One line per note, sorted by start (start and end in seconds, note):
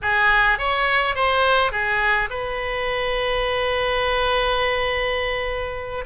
0.02 0.58 G#4
0.58 1.15 C#5
1.15 1.71 C5
1.71 2.29 G#4
2.29 6.04 B4